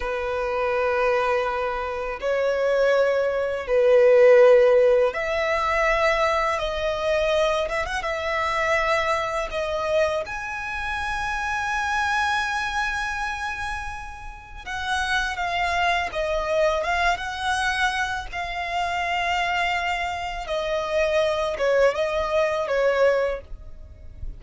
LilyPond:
\new Staff \with { instrumentName = "violin" } { \time 4/4 \tempo 4 = 82 b'2. cis''4~ | cis''4 b'2 e''4~ | e''4 dis''4. e''16 fis''16 e''4~ | e''4 dis''4 gis''2~ |
gis''1 | fis''4 f''4 dis''4 f''8 fis''8~ | fis''4 f''2. | dis''4. cis''8 dis''4 cis''4 | }